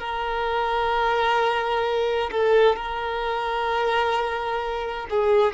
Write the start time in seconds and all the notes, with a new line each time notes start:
0.00 A#4
2.32 A4
2.77 A#4
5.10 G#4